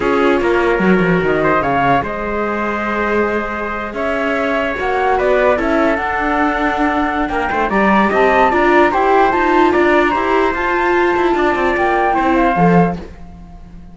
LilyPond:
<<
  \new Staff \with { instrumentName = "flute" } { \time 4/4 \tempo 4 = 148 cis''2. dis''4 | f''4 dis''2.~ | dis''4.~ dis''16 e''2 fis''16~ | fis''8. d''4 e''4 fis''4~ fis''16~ |
fis''2 g''4 ais''4 | a''4 ais''4 g''4 a''4 | ais''2 a''2~ | a''4 g''4. f''4. | }
  \new Staff \with { instrumentName = "trumpet" } { \time 4/4 gis'4 ais'2~ ais'8 c''8 | cis''4 c''2.~ | c''4.~ c''16 cis''2~ cis''16~ | cis''8. b'4 a'2~ a'16~ |
a'2 ais'8 c''8 d''4 | dis''4 d''4 c''2 | d''4 c''2. | d''2 c''2 | }
  \new Staff \with { instrumentName = "viola" } { \time 4/4 f'2 fis'2 | gis'1~ | gis'2.~ gis'8. fis'16~ | fis'4.~ fis'16 e'4 d'4~ d'16~ |
d'2. g'4~ | g'4 f'4 g'4 f'4~ | f'4 g'4 f'2~ | f'2 e'4 a'4 | }
  \new Staff \with { instrumentName = "cello" } { \time 4/4 cis'4 ais4 fis8 f8 dis4 | cis4 gis2.~ | gis4.~ gis16 cis'2 ais16~ | ais8. b4 cis'4 d'4~ d'16~ |
d'2 ais8 a8 g4 | c'4 d'4 e'4 dis'4 | d'4 e'4 f'4. e'8 | d'8 c'8 ais4 c'4 f4 | }
>>